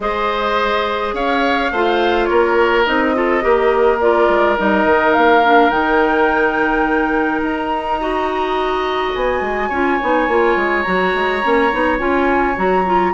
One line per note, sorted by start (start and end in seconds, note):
0.00 1.13 G#3
0.00 1.72 G#4
0.00 1.14 C5
0.00 1.15 D#5
1.13 1.70 C#4
1.13 1.71 C#5
1.13 2.25 F5
1.71 2.28 A3
1.71 2.85 F4
1.71 2.29 C5
2.25 2.87 A#3
2.25 3.15 A#4
2.25 2.82 C#5
2.85 3.44 C4
2.85 3.14 D#4
2.85 4.00 D#5
3.14 3.41 F4
3.14 3.43 A4
3.41 4.28 A#3
3.41 3.98 G4
3.41 8.00 A#4
4.00 4.57 F4
4.00 4.57 D5
4.28 4.57 G#3
4.57 4.85 G3
4.57 5.42 D#4
4.57 5.13 D#5
4.85 5.14 D#3
5.13 5.71 A#3
5.13 5.70 F5
5.44 5.70 D4
5.70 7.42 D#3
5.70 7.99 D#4
5.70 7.41 G5
7.42 9.13 D#4
7.42 9.14 A#5
8.00 9.71 F#4
8.00 9.69 D#5
9.14 9.40 B3
9.14 10.82 G#5
9.40 9.69 G#3
9.69 9.98 C#4
9.69 10.00 F4
9.69 13.11 C#5
10.02 10.28 B3
10.02 10.29 D#4
10.28 10.55 A#3
10.28 10.85 F4
10.55 10.84 G#3
10.82 11.14 F#3
10.82 11.42 F#4
10.82 11.96 A#5
11.14 11.43 G#3
11.42 11.72 A#3
11.42 11.70 C#4
11.72 11.99 B3
11.72 11.98 D#4
11.98 12.56 C#4
11.98 12.55 F4
11.98 12.56 G#5
12.56 13.13 F#3
12.56 12.84 F#4
12.56 13.13 A#5
12.85 13.13 F4